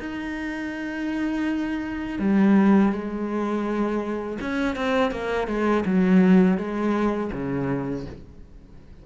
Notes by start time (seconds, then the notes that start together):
0.00 D#4
2.19 G3
2.92 G#3
4.41 C#4
4.76 C4
5.12 A#3
5.48 G#3
5.86 F#3
6.58 G#3
7.33 C#3